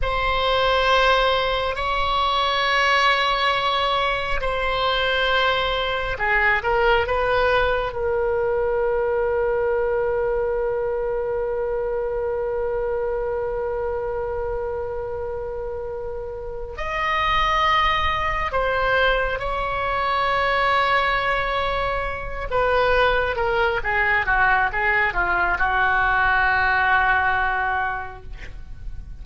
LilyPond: \new Staff \with { instrumentName = "oboe" } { \time 4/4 \tempo 4 = 68 c''2 cis''2~ | cis''4 c''2 gis'8 ais'8 | b'4 ais'2.~ | ais'1~ |
ais'2. dis''4~ | dis''4 c''4 cis''2~ | cis''4. b'4 ais'8 gis'8 fis'8 | gis'8 f'8 fis'2. | }